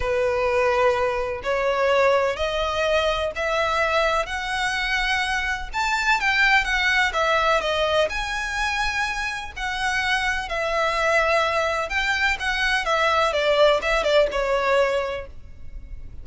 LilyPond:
\new Staff \with { instrumentName = "violin" } { \time 4/4 \tempo 4 = 126 b'2. cis''4~ | cis''4 dis''2 e''4~ | e''4 fis''2. | a''4 g''4 fis''4 e''4 |
dis''4 gis''2. | fis''2 e''2~ | e''4 g''4 fis''4 e''4 | d''4 e''8 d''8 cis''2 | }